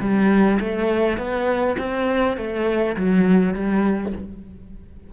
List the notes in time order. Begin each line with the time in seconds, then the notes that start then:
0.00 G3
0.60 A3
1.18 B3
1.78 C4
2.37 A3
2.96 F#3
3.54 G3